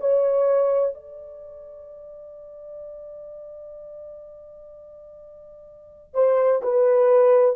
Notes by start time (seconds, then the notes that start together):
0.00 C#5
0.95 D5
6.14 C5
6.63 B4